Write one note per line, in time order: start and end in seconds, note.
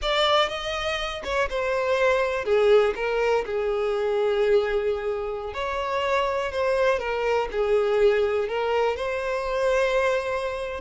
0.01 0.48 D5
0.48 1.22 D#5
1.24 1.48 C#5
1.49 2.45 C5
2.45 2.94 G#4
2.95 3.44 A#4
3.45 5.53 G#4
5.53 6.51 C#5
6.51 6.99 C5
6.99 7.48 A#4
7.51 8.48 G#4
8.48 8.96 A#4
8.96 10.80 C5